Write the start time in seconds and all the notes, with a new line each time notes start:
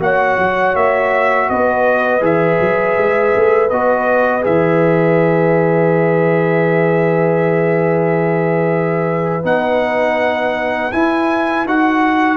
0.00 A#3 F#4 C#5 F#5
0.38 F#3
0.75 A#3 E5
1.50 B3 B4 D#5
2.21 E3 G#4 E5
2.60 F#3
2.98 G#3
3.36 A3
3.70 B3 F#4 D#5
4.42 E3 G#4 E5
9.44 B3 D#4 F#5
10.92 E4 G#5
11.65 D#4 F#4 F#5